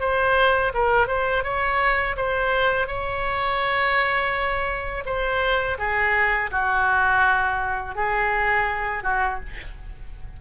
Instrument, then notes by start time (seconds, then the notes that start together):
oboe
0.00 C5
0.74 A#4
1.07 C5
1.43 C#5
2.16 C5
2.87 C#5
5.05 C5
5.78 G#4
6.51 F#4
7.95 G#4
9.03 F#4